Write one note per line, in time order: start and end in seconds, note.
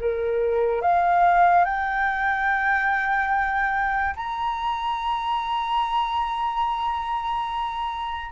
0.00 0.82 A#4
0.82 1.65 F5
1.65 4.15 G5
4.17 8.32 A#5